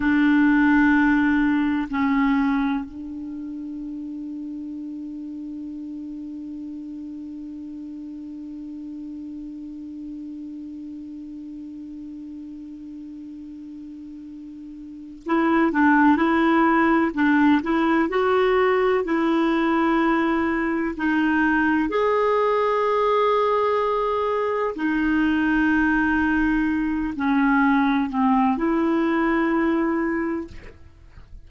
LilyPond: \new Staff \with { instrumentName = "clarinet" } { \time 4/4 \tempo 4 = 63 d'2 cis'4 d'4~ | d'1~ | d'1~ | d'1 |
e'8 d'8 e'4 d'8 e'8 fis'4 | e'2 dis'4 gis'4~ | gis'2 dis'2~ | dis'8 cis'4 c'8 e'2 | }